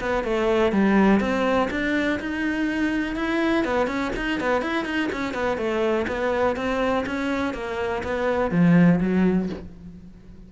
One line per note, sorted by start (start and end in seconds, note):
0.00 0.24 B3
0.24 0.72 A3
0.72 1.20 G3
1.20 1.69 C4
1.71 2.19 D4
2.20 3.16 D#4
3.16 3.64 E4
3.65 3.87 B3
3.87 4.11 C#4
4.16 4.40 D#4
4.40 4.62 B3
4.62 4.85 E4
4.85 5.09 D#4
5.12 5.33 C#4
5.33 5.57 B3
5.57 6.06 A3
6.07 6.56 B3
6.56 7.05 C4
7.06 7.53 C#4
7.53 8.02 A#3
8.03 8.51 B3
8.51 8.99 F3
9.00 9.49 F#3